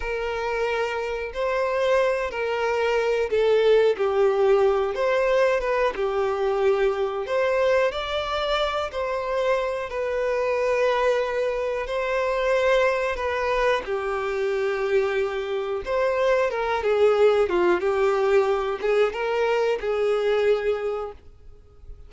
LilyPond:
\new Staff \with { instrumentName = "violin" } { \time 4/4 \tempo 4 = 91 ais'2 c''4. ais'8~ | ais'4 a'4 g'4. c''8~ | c''8 b'8 g'2 c''4 | d''4. c''4. b'4~ |
b'2 c''2 | b'4 g'2. | c''4 ais'8 gis'4 f'8 g'4~ | g'8 gis'8 ais'4 gis'2 | }